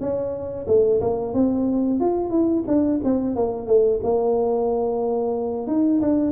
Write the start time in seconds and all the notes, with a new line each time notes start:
0.00 C#4
0.67 A3
1.01 A#3
1.34 C4
2.00 F4
2.30 E4
2.67 D4
3.04 C4
3.36 A#3
3.67 A3
4.03 A#3
5.68 D#4
6.01 D4